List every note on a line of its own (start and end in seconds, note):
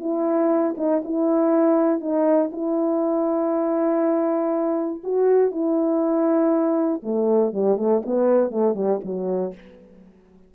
0.00 0.75 E4
0.77 1.02 D#4
1.05 2.00 E4
2.00 2.50 D#4
2.52 5.02 E4
5.03 5.51 F#4
5.51 7.01 E4
7.02 7.52 A3
7.53 7.77 G3
7.77 8.02 A3
8.06 8.50 B3
8.50 8.75 A3
8.75 9.00 G3
9.04 9.54 F#3